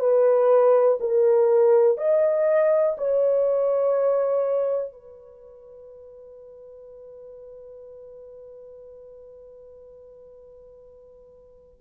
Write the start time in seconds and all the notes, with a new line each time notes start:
0.00 B4
1.01 A#4
1.98 D#5
2.98 C#5
4.92 B4